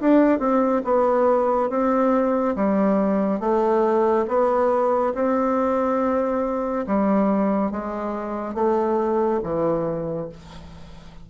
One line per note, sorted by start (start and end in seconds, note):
0.00 0.39 D4
0.39 0.82 C4
0.84 1.69 B3
1.69 2.55 C4
2.56 3.40 G3
3.40 4.25 A3
4.28 5.14 B3
5.14 6.85 C4
6.86 7.71 G3
7.71 8.54 G#3
8.54 9.40 A3
9.43 10.29 E3